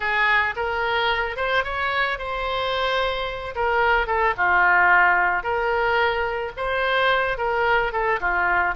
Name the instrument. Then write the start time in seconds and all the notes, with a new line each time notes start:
oboe
0.00 G#4
0.56 A#4
1.36 C5
1.63 C#5
2.18 C5
3.55 A#4
4.06 A4
4.37 F4
5.43 A#4
6.57 C5
7.37 A#4
7.92 A4
8.20 F4